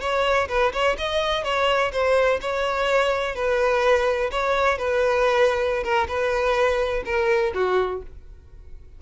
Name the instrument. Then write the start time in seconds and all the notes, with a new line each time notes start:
violin
0.00 C#5
0.48 B4
0.72 C#5
0.97 D#5
1.44 C#5
1.92 C5
2.41 C#5
3.35 B4
4.31 C#5
4.77 B4
5.83 A#4
6.08 B4
7.05 A#4
7.54 F#4